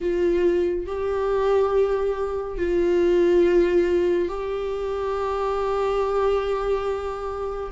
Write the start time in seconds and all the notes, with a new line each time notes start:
0.00 F4
0.86 G4
2.57 F4
4.28 G4